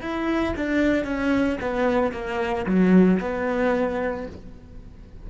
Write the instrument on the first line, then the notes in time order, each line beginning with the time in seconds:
cello
0.00 E4
0.56 D4
1.04 C#4
1.61 B3
2.12 A#3
2.65 F#3
3.19 B3